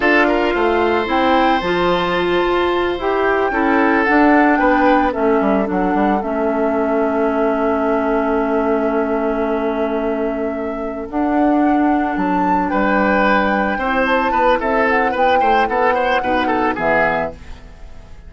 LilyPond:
<<
  \new Staff \with { instrumentName = "flute" } { \time 4/4 \tempo 4 = 111 f''2 g''4 a''4~ | a''4. g''2 fis''8~ | fis''8 g''4 e''4 fis''4 e''8~ | e''1~ |
e''1~ | e''8 fis''2 a''4 g''8~ | g''2 a''4 e''8 fis''8 | g''4 fis''2 e''4 | }
  \new Staff \with { instrumentName = "oboe" } { \time 4/4 a'8 ais'8 c''2.~ | c''2~ c''8 a'4.~ | a'8 b'4 a'2~ a'8~ | a'1~ |
a'1~ | a'2.~ a'8 b'8~ | b'4. c''4 b'8 a'4 | b'8 c''8 a'8 c''8 b'8 a'8 gis'4 | }
  \new Staff \with { instrumentName = "clarinet" } { \time 4/4 f'2 e'4 f'4~ | f'4. g'4 e'4 d'8~ | d'4. cis'4 d'4 cis'8~ | cis'1~ |
cis'1~ | cis'8 d'2.~ d'8~ | d'4. e'2~ e'8~ | e'2 dis'4 b4 | }
  \new Staff \with { instrumentName = "bassoon" } { \time 4/4 d'4 a4 c'4 f4~ | f8 f'4 e'4 cis'4 d'8~ | d'8 b4 a8 g8 fis8 g8 a8~ | a1~ |
a1~ | a8 d'2 fis4 g8~ | g4. c'4 b8 c'4 | b8 a8 b4 b,4 e4 | }
>>